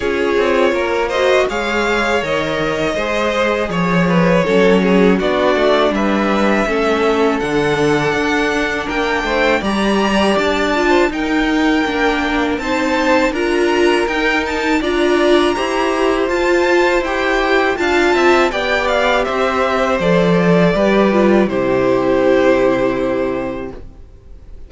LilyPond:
<<
  \new Staff \with { instrumentName = "violin" } { \time 4/4 \tempo 4 = 81 cis''4. dis''8 f''4 dis''4~ | dis''4 cis''2 d''4 | e''2 fis''2 | g''4 ais''4 a''4 g''4~ |
g''4 a''4 ais''4 g''8 a''8 | ais''2 a''4 g''4 | a''4 g''8 f''8 e''4 d''4~ | d''4 c''2. | }
  \new Staff \with { instrumentName = "violin" } { \time 4/4 gis'4 ais'8 c''8 cis''2 | c''4 cis''8 b'8 a'8 gis'8 fis'4 | b'4 a'2. | ais'8 c''8 d''4.~ d''16 c''16 ais'4~ |
ais'4 c''4 ais'2 | d''4 c''2. | f''8 e''8 d''4 c''2 | b'4 g'2. | }
  \new Staff \with { instrumentName = "viola" } { \time 4/4 f'4. fis'8 gis'4 ais'4 | gis'2 cis'4 d'4~ | d'4 cis'4 d'2~ | d'4 g'4. f'8 dis'4 |
d'4 dis'4 f'4 dis'4 | f'4 g'4 f'4 g'4 | f'4 g'2 a'4 | g'8 f'8 e'2. | }
  \new Staff \with { instrumentName = "cello" } { \time 4/4 cis'8 c'8 ais4 gis4 dis4 | gis4 f4 fis4 b8 a8 | g4 a4 d4 d'4 | ais8 a8 g4 d'4 dis'4 |
ais4 c'4 d'4 dis'4 | d'4 e'4 f'4 e'4 | d'8 c'8 b4 c'4 f4 | g4 c2. | }
>>